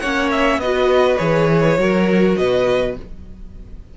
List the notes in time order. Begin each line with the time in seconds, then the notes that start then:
0.00 A#3 C#4 C#5 F#5
0.32 E5
0.58 B3 F#4 B4 D#5
1.17 E3 G#4 C#5
1.78 F#3 F#4 A#4
2.37 B2 B4 D#5